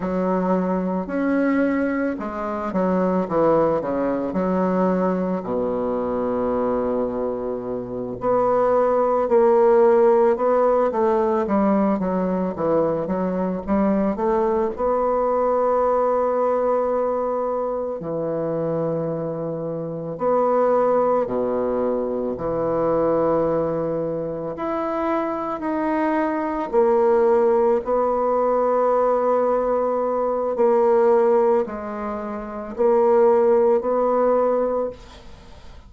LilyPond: \new Staff \with { instrumentName = "bassoon" } { \time 4/4 \tempo 4 = 55 fis4 cis'4 gis8 fis8 e8 cis8 | fis4 b,2~ b,8 b8~ | b8 ais4 b8 a8 g8 fis8 e8 | fis8 g8 a8 b2~ b8~ |
b8 e2 b4 b,8~ | b,8 e2 e'4 dis'8~ | dis'8 ais4 b2~ b8 | ais4 gis4 ais4 b4 | }